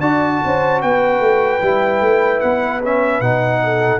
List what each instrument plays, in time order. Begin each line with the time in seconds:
0.00 tuba D4, trombone F#4, horn D5, trumpet A5
0.44 tuba C#4, horn C5
0.81 tuba B3, horn B4, trumpet G5
1.19 tuba A3
1.61 tuba G3, trombone E4
2.01 tuba A3
2.40 tuba B3, trumpet F#5
2.82 trombone C#4, trumpet E5
3.20 tuba B2, trombone D#4, trumpet F#5
3.63 horn A4